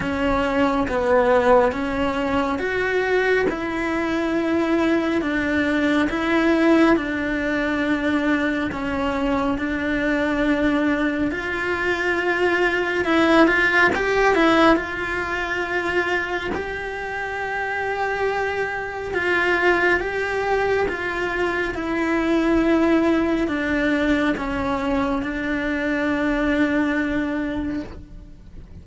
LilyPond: \new Staff \with { instrumentName = "cello" } { \time 4/4 \tempo 4 = 69 cis'4 b4 cis'4 fis'4 | e'2 d'4 e'4 | d'2 cis'4 d'4~ | d'4 f'2 e'8 f'8 |
g'8 e'8 f'2 g'4~ | g'2 f'4 g'4 | f'4 e'2 d'4 | cis'4 d'2. | }